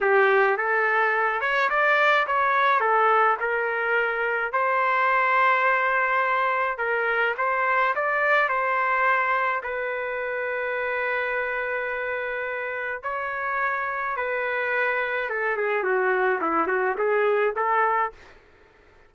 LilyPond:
\new Staff \with { instrumentName = "trumpet" } { \time 4/4 \tempo 4 = 106 g'4 a'4. cis''8 d''4 | cis''4 a'4 ais'2 | c''1 | ais'4 c''4 d''4 c''4~ |
c''4 b'2.~ | b'2. cis''4~ | cis''4 b'2 a'8 gis'8 | fis'4 e'8 fis'8 gis'4 a'4 | }